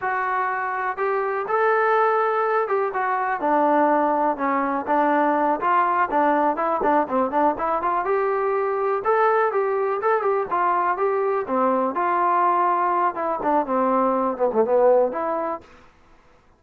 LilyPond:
\new Staff \with { instrumentName = "trombone" } { \time 4/4 \tempo 4 = 123 fis'2 g'4 a'4~ | a'4. g'8 fis'4 d'4~ | d'4 cis'4 d'4. f'8~ | f'8 d'4 e'8 d'8 c'8 d'8 e'8 |
f'8 g'2 a'4 g'8~ | g'8 a'8 g'8 f'4 g'4 c'8~ | c'8 f'2~ f'8 e'8 d'8 | c'4. b16 a16 b4 e'4 | }